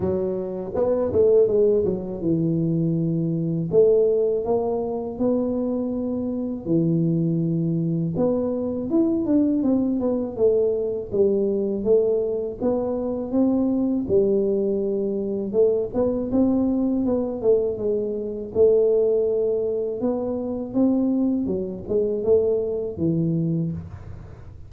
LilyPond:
\new Staff \with { instrumentName = "tuba" } { \time 4/4 \tempo 4 = 81 fis4 b8 a8 gis8 fis8 e4~ | e4 a4 ais4 b4~ | b4 e2 b4 | e'8 d'8 c'8 b8 a4 g4 |
a4 b4 c'4 g4~ | g4 a8 b8 c'4 b8 a8 | gis4 a2 b4 | c'4 fis8 gis8 a4 e4 | }